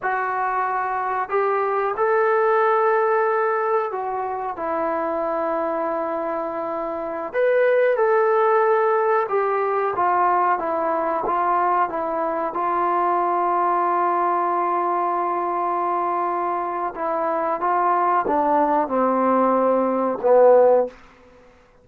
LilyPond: \new Staff \with { instrumentName = "trombone" } { \time 4/4 \tempo 4 = 92 fis'2 g'4 a'4~ | a'2 fis'4 e'4~ | e'2.~ e'16 b'8.~ | b'16 a'2 g'4 f'8.~ |
f'16 e'4 f'4 e'4 f'8.~ | f'1~ | f'2 e'4 f'4 | d'4 c'2 b4 | }